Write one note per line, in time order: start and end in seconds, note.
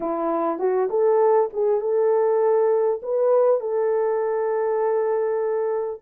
0.00 0.58 E4
0.58 0.88 F#4
0.89 1.49 A4
1.53 1.81 G#4
1.81 3.01 A4
3.02 3.60 B4
3.60 6.00 A4